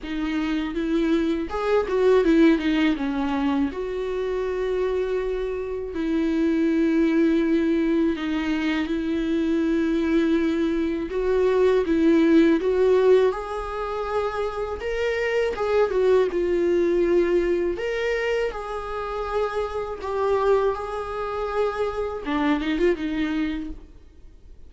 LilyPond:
\new Staff \with { instrumentName = "viola" } { \time 4/4 \tempo 4 = 81 dis'4 e'4 gis'8 fis'8 e'8 dis'8 | cis'4 fis'2. | e'2. dis'4 | e'2. fis'4 |
e'4 fis'4 gis'2 | ais'4 gis'8 fis'8 f'2 | ais'4 gis'2 g'4 | gis'2 d'8 dis'16 f'16 dis'4 | }